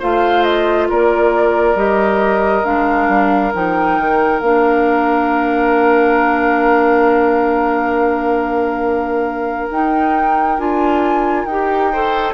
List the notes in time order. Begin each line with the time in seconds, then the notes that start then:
0.00 A3 F4 C5 F5
0.44 D#5
0.90 A#3 A#4 D5
1.75 G3 G4 D#5
2.64 G#3 D4 F5
3.09 G3
3.54 F3 D#4 G5
3.99 D#3
4.40 A#3 D4 F5
9.71 D#4 G5
10.59 D4 F4 G#5
11.45 D#4 G4 G5
11.93 A4 C5